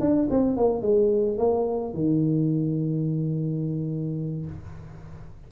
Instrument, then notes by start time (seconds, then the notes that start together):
tuba
0.00 D4
0.30 C4
0.56 A#3
0.82 G#3
1.38 A#3
1.93 D#3